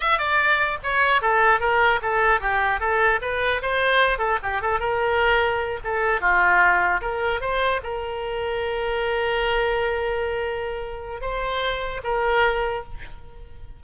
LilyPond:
\new Staff \with { instrumentName = "oboe" } { \time 4/4 \tempo 4 = 150 e''8 d''4. cis''4 a'4 | ais'4 a'4 g'4 a'4 | b'4 c''4. a'8 g'8 a'8 | ais'2~ ais'8 a'4 f'8~ |
f'4. ais'4 c''4 ais'8~ | ais'1~ | ais'1 | c''2 ais'2 | }